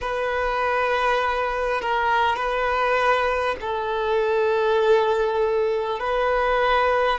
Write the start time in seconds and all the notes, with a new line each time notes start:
0.01 B4
1.81 A#4
2.36 B4
3.61 A4
5.99 B4